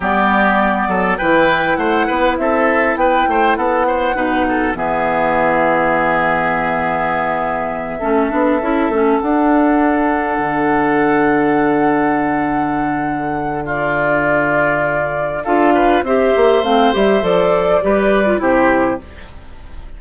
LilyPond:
<<
  \new Staff \with { instrumentName = "flute" } { \time 4/4 \tempo 4 = 101 d''2 g''4 fis''4 | e''4 g''4 fis''2 | e''1~ | e''2.~ e''8 fis''8~ |
fis''1~ | fis''2. d''4~ | d''2 f''4 e''4 | f''8 e''8 d''2 c''4 | }
  \new Staff \with { instrumentName = "oboe" } { \time 4/4 g'4. a'8 b'4 c''8 b'8 | a'4 b'8 c''8 a'8 c''8 b'8 a'8 | gis'1~ | gis'4. a'2~ a'8~ |
a'1~ | a'2. f'4~ | f'2 a'8 b'8 c''4~ | c''2 b'4 g'4 | }
  \new Staff \with { instrumentName = "clarinet" } { \time 4/4 b2 e'2~ | e'2. dis'4 | b1~ | b4. cis'8 d'8 e'8 cis'8 d'8~ |
d'1~ | d'1~ | d'2 f'4 g'4 | c'8 g'8 a'4 g'8. f'16 e'4 | }
  \new Staff \with { instrumentName = "bassoon" } { \time 4/4 g4. fis8 e4 a8 b8 | c'4 b8 a8 b4 b,4 | e1~ | e4. a8 b8 cis'8 a8 d'8~ |
d'4. d2~ d8~ | d1~ | d2 d'4 c'8 ais8 | a8 g8 f4 g4 c4 | }
>>